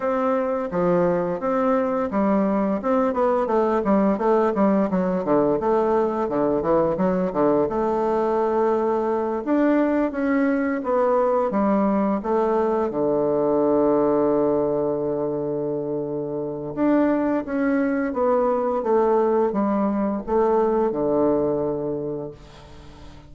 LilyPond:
\new Staff \with { instrumentName = "bassoon" } { \time 4/4 \tempo 4 = 86 c'4 f4 c'4 g4 | c'8 b8 a8 g8 a8 g8 fis8 d8 | a4 d8 e8 fis8 d8 a4~ | a4. d'4 cis'4 b8~ |
b8 g4 a4 d4.~ | d1 | d'4 cis'4 b4 a4 | g4 a4 d2 | }